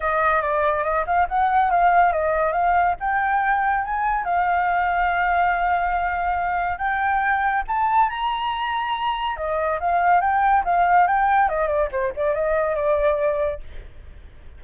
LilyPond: \new Staff \with { instrumentName = "flute" } { \time 4/4 \tempo 4 = 141 dis''4 d''4 dis''8 f''8 fis''4 | f''4 dis''4 f''4 g''4~ | g''4 gis''4 f''2~ | f''1 |
g''2 a''4 ais''4~ | ais''2 dis''4 f''4 | g''4 f''4 g''4 dis''8 d''8 | c''8 d''8 dis''4 d''2 | }